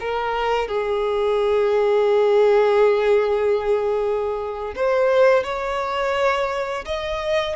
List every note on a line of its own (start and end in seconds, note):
0.00 0.68 A#4
0.68 4.74 G#4
4.76 5.44 C5
5.44 6.85 C#5
6.85 7.56 D#5